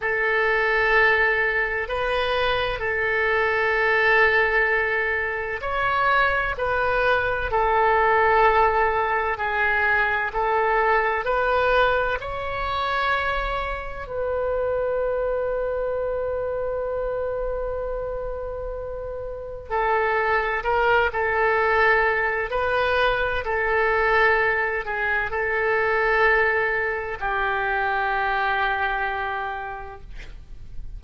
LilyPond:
\new Staff \with { instrumentName = "oboe" } { \time 4/4 \tempo 4 = 64 a'2 b'4 a'4~ | a'2 cis''4 b'4 | a'2 gis'4 a'4 | b'4 cis''2 b'4~ |
b'1~ | b'4 a'4 ais'8 a'4. | b'4 a'4. gis'8 a'4~ | a'4 g'2. | }